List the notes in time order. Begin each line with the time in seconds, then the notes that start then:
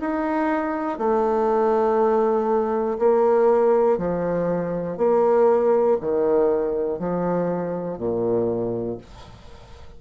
0.00 D#4
0.98 A3
2.98 A#3
3.97 F3
4.97 A#3
6.00 D#3
6.99 F3
7.97 A#2